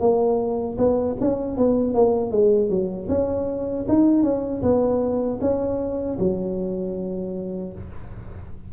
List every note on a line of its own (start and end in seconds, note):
0.00 0.77 A#3
0.78 1.16 B3
1.20 1.57 C#4
1.57 1.94 B3
1.94 2.31 A#3
2.31 2.69 G#3
2.69 3.08 F#3
3.09 3.86 C#4
3.88 4.23 D#4
4.23 4.62 C#4
4.62 5.39 B3
5.41 6.18 C#4
6.19 7.73 F#3